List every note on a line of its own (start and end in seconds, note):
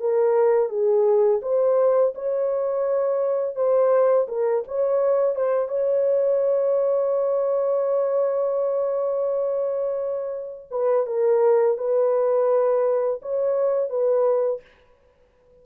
0.00 0.69 A#4
0.69 1.41 G#4
1.42 2.14 C5
2.15 3.56 C#5
3.56 4.27 C5
4.28 4.64 A#4
4.68 5.36 C#5
5.36 5.69 C5
5.69 10.69 C#5
10.71 11.06 B4
11.06 11.78 A#4
11.78 13.21 B4
13.22 13.90 C#5
13.90 14.61 B4